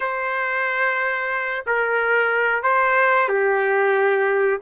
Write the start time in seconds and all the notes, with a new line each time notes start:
0.00 C5
1.66 A#4
2.62 C5
3.28 G4